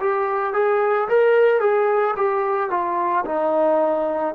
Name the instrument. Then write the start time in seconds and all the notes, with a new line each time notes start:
trombone
0.00 G4
0.54 G#4
1.09 A#4
1.60 G#4
2.17 G4
2.70 F4
3.26 D#4